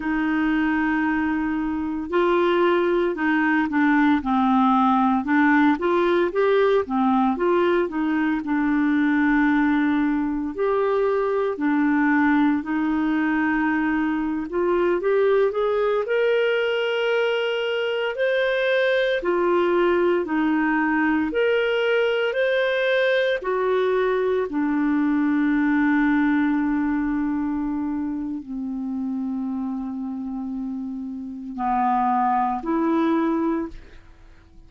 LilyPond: \new Staff \with { instrumentName = "clarinet" } { \time 4/4 \tempo 4 = 57 dis'2 f'4 dis'8 d'8 | c'4 d'8 f'8 g'8 c'8 f'8 dis'8 | d'2 g'4 d'4 | dis'4.~ dis'16 f'8 g'8 gis'8 ais'8.~ |
ais'4~ ais'16 c''4 f'4 dis'8.~ | dis'16 ais'4 c''4 fis'4 d'8.~ | d'2. c'4~ | c'2 b4 e'4 | }